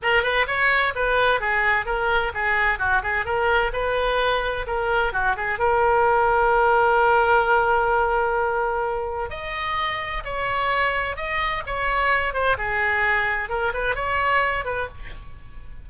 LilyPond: \new Staff \with { instrumentName = "oboe" } { \time 4/4 \tempo 4 = 129 ais'8 b'8 cis''4 b'4 gis'4 | ais'4 gis'4 fis'8 gis'8 ais'4 | b'2 ais'4 fis'8 gis'8 | ais'1~ |
ais'1 | dis''2 cis''2 | dis''4 cis''4. c''8 gis'4~ | gis'4 ais'8 b'8 cis''4. b'8 | }